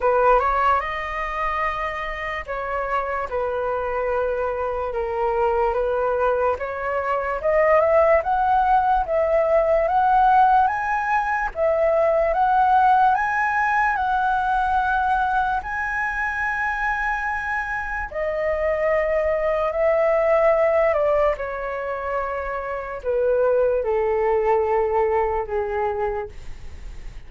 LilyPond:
\new Staff \with { instrumentName = "flute" } { \time 4/4 \tempo 4 = 73 b'8 cis''8 dis''2 cis''4 | b'2 ais'4 b'4 | cis''4 dis''8 e''8 fis''4 e''4 | fis''4 gis''4 e''4 fis''4 |
gis''4 fis''2 gis''4~ | gis''2 dis''2 | e''4. d''8 cis''2 | b'4 a'2 gis'4 | }